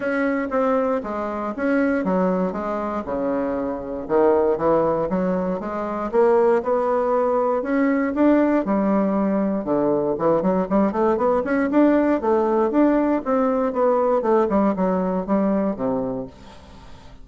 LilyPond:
\new Staff \with { instrumentName = "bassoon" } { \time 4/4 \tempo 4 = 118 cis'4 c'4 gis4 cis'4 | fis4 gis4 cis2 | dis4 e4 fis4 gis4 | ais4 b2 cis'4 |
d'4 g2 d4 | e8 fis8 g8 a8 b8 cis'8 d'4 | a4 d'4 c'4 b4 | a8 g8 fis4 g4 c4 | }